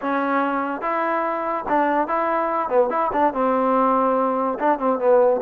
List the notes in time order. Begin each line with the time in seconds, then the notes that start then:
0.01 C#4
0.81 E4
1.68 D4
2.07 E4
2.69 B3
2.90 E4
3.12 D4
3.33 C4
4.59 D4
4.78 C4
4.99 B3